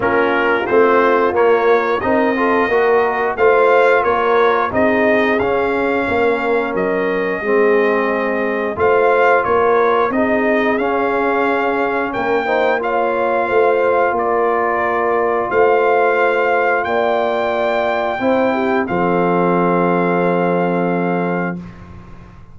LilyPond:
<<
  \new Staff \with { instrumentName = "trumpet" } { \time 4/4 \tempo 4 = 89 ais'4 c''4 cis''4 dis''4~ | dis''4 f''4 cis''4 dis''4 | f''2 dis''2~ | dis''4 f''4 cis''4 dis''4 |
f''2 g''4 f''4~ | f''4 d''2 f''4~ | f''4 g''2. | f''1 | }
  \new Staff \with { instrumentName = "horn" } { \time 4/4 f'2. ais'8 a'8 | ais'4 c''4 ais'4 gis'4~ | gis'4 ais'2 gis'4~ | gis'4 c''4 ais'4 gis'4~ |
gis'2 ais'8 c''8 cis''4 | c''4 ais'2 c''4~ | c''4 d''2 c''8 g'8 | a'1 | }
  \new Staff \with { instrumentName = "trombone" } { \time 4/4 cis'4 c'4 ais4 dis'8 f'8 | fis'4 f'2 dis'4 | cis'2. c'4~ | c'4 f'2 dis'4 |
cis'2~ cis'8 dis'8 f'4~ | f'1~ | f'2. e'4 | c'1 | }
  \new Staff \with { instrumentName = "tuba" } { \time 4/4 ais4 a4 ais4 c'4 | ais4 a4 ais4 c'4 | cis'4 ais4 fis4 gis4~ | gis4 a4 ais4 c'4 |
cis'2 ais2 | a4 ais2 a4~ | a4 ais2 c'4 | f1 | }
>>